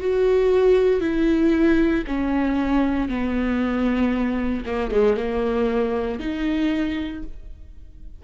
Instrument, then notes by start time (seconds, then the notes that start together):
viola
0.00 F#4
1.01 E4
2.07 C#4
3.08 B3
4.66 A#3
4.91 G#3
5.16 A#3
6.19 D#4